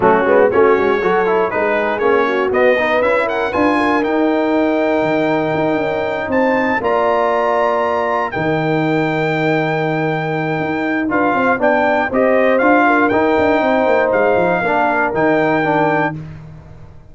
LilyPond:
<<
  \new Staff \with { instrumentName = "trumpet" } { \time 4/4 \tempo 4 = 119 fis'4 cis''2 b'4 | cis''4 dis''4 e''8 fis''8 gis''4 | g''1~ | g''8 a''4 ais''2~ ais''8~ |
ais''8 g''2.~ g''8~ | g''2 f''4 g''4 | dis''4 f''4 g''2 | f''2 g''2 | }
  \new Staff \with { instrumentName = "horn" } { \time 4/4 cis'4 fis'4 a'4 gis'4~ | gis'8 fis'4 b'4 ais'8 b'8 ais'8~ | ais'1~ | ais'8 c''4 d''2~ d''8~ |
d''8 ais'2.~ ais'8~ | ais'2 b'8 c''8 d''4 | c''4. ais'4. c''4~ | c''4 ais'2. | }
  \new Staff \with { instrumentName = "trombone" } { \time 4/4 a8 b8 cis'4 fis'8 e'8 dis'4 | cis'4 b8 dis'8 e'4 f'4 | dis'1~ | dis'4. f'2~ f'8~ |
f'8 dis'2.~ dis'8~ | dis'2 f'4 d'4 | g'4 f'4 dis'2~ | dis'4 d'4 dis'4 d'4 | }
  \new Staff \with { instrumentName = "tuba" } { \time 4/4 fis8 gis8 a8 gis8 fis4 gis4 | ais4 b4 cis'4 d'4 | dis'2 dis4 dis'8 cis'8~ | cis'8 c'4 ais2~ ais8~ |
ais8 dis2.~ dis8~ | dis4 dis'4 d'8 c'8 b4 | c'4 d'4 dis'8 d'8 c'8 ais8 | gis8 f8 ais4 dis2 | }
>>